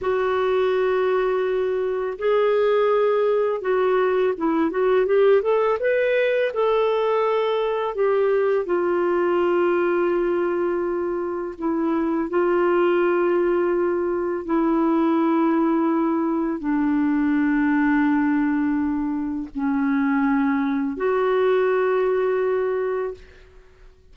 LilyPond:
\new Staff \with { instrumentName = "clarinet" } { \time 4/4 \tempo 4 = 83 fis'2. gis'4~ | gis'4 fis'4 e'8 fis'8 g'8 a'8 | b'4 a'2 g'4 | f'1 |
e'4 f'2. | e'2. d'4~ | d'2. cis'4~ | cis'4 fis'2. | }